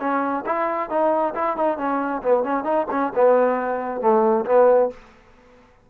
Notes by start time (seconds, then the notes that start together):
0.00 C#4
0.46 E4
0.90 D#4
1.35 E4
1.57 D#4
1.78 C#4
2.22 B3
2.44 C#4
2.64 D#4
2.91 C#4
3.15 B3
4.01 A3
4.46 B3